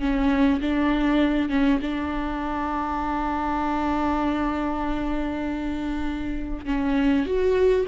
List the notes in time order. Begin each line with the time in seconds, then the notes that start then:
0.00 C#4
0.61 D4
1.49 C#4
1.82 D4
6.66 C#4
7.26 F#4